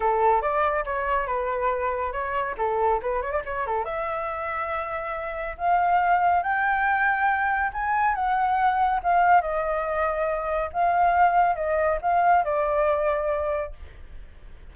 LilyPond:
\new Staff \with { instrumentName = "flute" } { \time 4/4 \tempo 4 = 140 a'4 d''4 cis''4 b'4~ | b'4 cis''4 a'4 b'8 cis''16 d''16 | cis''8 a'8 e''2.~ | e''4 f''2 g''4~ |
g''2 gis''4 fis''4~ | fis''4 f''4 dis''2~ | dis''4 f''2 dis''4 | f''4 d''2. | }